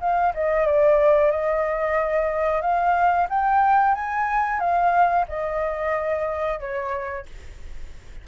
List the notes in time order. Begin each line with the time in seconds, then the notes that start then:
0.00 F5
0.34 D#5
0.66 D5
1.31 D#5
2.62 F5
3.29 G5
3.95 G#5
4.60 F5
5.28 D#5
6.60 C#5